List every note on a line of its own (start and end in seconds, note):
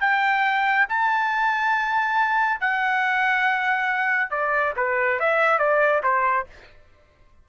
0.00 0.86 G5
0.88 2.60 A5
2.60 4.30 F#5
4.30 4.73 D5
4.76 5.19 B4
5.19 5.58 E5
5.58 6.01 D5
6.03 6.46 C5